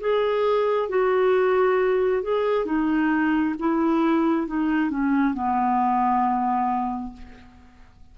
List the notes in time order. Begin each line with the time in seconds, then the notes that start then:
0.00 G#4
0.89 F#4
2.22 G#4
2.65 D#4
3.59 E4
4.47 D#4
4.90 C#4
5.33 B3